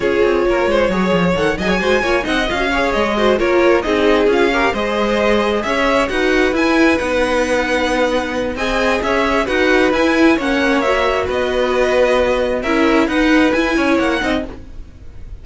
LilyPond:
<<
  \new Staff \with { instrumentName = "violin" } { \time 4/4 \tempo 4 = 133 cis''2. fis''8 gis''8~ | gis''4 fis''8 f''4 dis''4 cis''8~ | cis''8 dis''4 f''4 dis''4.~ | dis''8 e''4 fis''4 gis''4 fis''8~ |
fis''2. gis''4 | e''4 fis''4 gis''4 fis''4 | e''4 dis''2. | e''4 fis''4 gis''4 fis''4 | }
  \new Staff \with { instrumentName = "violin" } { \time 4/4 gis'4 ais'8 c''8 cis''4. dis''16 cis''16 | c''8 cis''8 dis''4 cis''4 c''8 ais'8~ | ais'8 gis'4. ais'8 c''4.~ | c''8 cis''4 b'2~ b'8~ |
b'2. dis''4 | cis''4 b'2 cis''4~ | cis''4 b'2. | ais'4 b'4. cis''4 dis''8 | }
  \new Staff \with { instrumentName = "viola" } { \time 4/4 f'2 gis'4 a'8 gis'8 | fis'8 f'8 dis'8 f'16 fis'16 gis'4 fis'8 f'8~ | f'8 dis'4 f'8 g'8 gis'4.~ | gis'4. fis'4 e'4 dis'8~ |
dis'2. gis'4~ | gis'4 fis'4 e'4 cis'4 | fis'1 | e'4 dis'4 e'4. dis'8 | }
  \new Staff \with { instrumentName = "cello" } { \time 4/4 cis'8 c'8 ais8 gis8 fis8 f8 dis8 fis8 | gis8 ais8 c'8 cis'4 gis4 ais8~ | ais8 c'4 cis'4 gis4.~ | gis8 cis'4 dis'4 e'4 b8~ |
b2. c'4 | cis'4 dis'4 e'4 ais4~ | ais4 b2. | cis'4 dis'4 e'8 cis'8 ais8 c'8 | }
>>